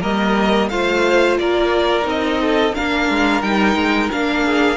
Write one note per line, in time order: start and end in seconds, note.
0.00 0.70 G3
0.00 0.70 A#3
0.00 0.68 A#4
0.00 0.68 D#5
0.68 1.37 A3
0.68 2.02 F4
0.68 1.39 C5
0.68 1.37 F5
1.37 2.05 A#3
1.37 2.41 A#4
1.37 2.06 D5
2.02 2.73 C4
2.02 2.70 D#4
2.09 2.74 D#5
2.41 2.75 A4
2.74 3.09 A#3
2.74 3.42 D4
2.74 4.44 A#4
2.74 3.41 F5
3.09 3.41 G#3
3.41 3.75 G3
3.41 4.10 D#4
3.41 4.09 G5
3.75 4.09 G#3
4.12 4.77 A#3
4.12 4.77 D4
4.12 4.77 F5
4.44 4.77 G#4